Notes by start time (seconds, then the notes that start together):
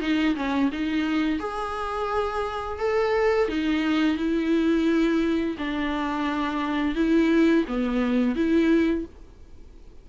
0.00 D#4
0.35 C#4
0.72 D#4
1.39 G#4
2.78 A4
3.48 D#4
4.17 E4
5.58 D4
6.95 E4
7.67 B3
8.35 E4